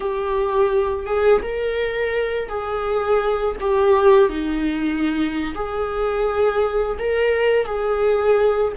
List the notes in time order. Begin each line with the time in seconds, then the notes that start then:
0.00 G4
1.06 G#4
1.42 A#4
2.48 G#4
3.60 G4
4.29 D#4
5.54 G#4
6.98 A#4
7.65 G#4